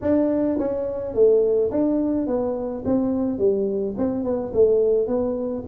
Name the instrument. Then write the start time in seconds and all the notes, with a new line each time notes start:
tuba
0.01 D4
0.58 C#4
1.14 A3
1.71 D4
2.26 B3
2.85 C4
3.38 G3
3.97 C4
4.23 B3
4.53 A3
5.07 B3